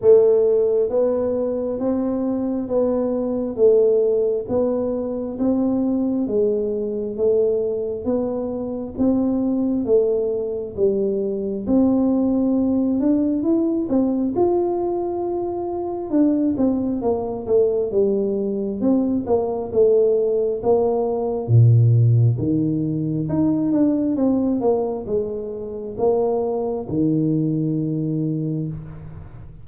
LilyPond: \new Staff \with { instrumentName = "tuba" } { \time 4/4 \tempo 4 = 67 a4 b4 c'4 b4 | a4 b4 c'4 gis4 | a4 b4 c'4 a4 | g4 c'4. d'8 e'8 c'8 |
f'2 d'8 c'8 ais8 a8 | g4 c'8 ais8 a4 ais4 | ais,4 dis4 dis'8 d'8 c'8 ais8 | gis4 ais4 dis2 | }